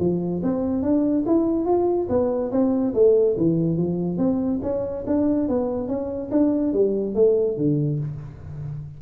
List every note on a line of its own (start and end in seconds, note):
0.00 0.42 F3
0.43 0.83 C4
0.83 1.25 D4
1.27 1.66 E4
1.66 2.08 F4
2.10 2.52 B3
2.52 2.94 C4
2.94 3.36 A3
3.37 3.78 E3
3.78 4.18 F3
4.18 4.60 C4
4.63 5.05 C#4
5.07 5.49 D4
5.49 5.88 B3
5.88 6.31 C#4
6.31 6.74 D4
6.74 7.15 G3
7.15 7.57 A3
7.57 8.00 D3